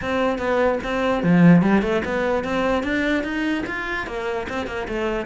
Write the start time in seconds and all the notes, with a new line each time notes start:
0.01 C4
0.38 B3
0.83 C4
1.23 F3
1.62 G3
1.82 A3
2.04 B3
2.43 C4
2.83 D4
3.23 D#4
3.66 F4
4.07 A#3
4.49 C4
4.66 A#3
4.88 A3